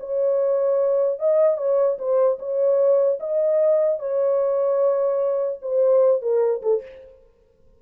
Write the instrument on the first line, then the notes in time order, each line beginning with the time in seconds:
horn
0.00 C#5
1.19 D#5
1.58 C#5
1.99 C5
2.39 C#5
3.20 D#5
3.99 C#5
5.62 C5
6.22 A#4
6.63 A4